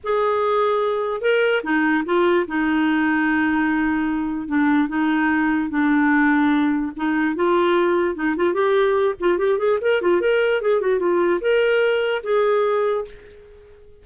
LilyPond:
\new Staff \with { instrumentName = "clarinet" } { \time 4/4 \tempo 4 = 147 gis'2. ais'4 | dis'4 f'4 dis'2~ | dis'2. d'4 | dis'2 d'2~ |
d'4 dis'4 f'2 | dis'8 f'8 g'4. f'8 g'8 gis'8 | ais'8 f'8 ais'4 gis'8 fis'8 f'4 | ais'2 gis'2 | }